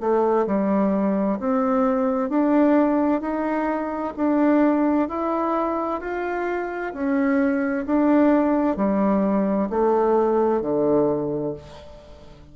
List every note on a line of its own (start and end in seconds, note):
0.00 0.46 A3
0.46 1.38 G3
1.39 2.29 C4
2.29 3.21 D4
3.21 4.13 D#4
4.17 5.08 D4
5.08 6.00 E4
6.00 6.93 F4
6.93 7.85 C#4
7.86 8.77 D4
8.77 9.69 G3
9.70 10.61 A3
10.61 11.53 D3